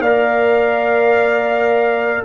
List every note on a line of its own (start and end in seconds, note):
0.00 2.22 A#3
0.00 2.25 A#4
0.00 2.24 D5
0.00 2.24 F5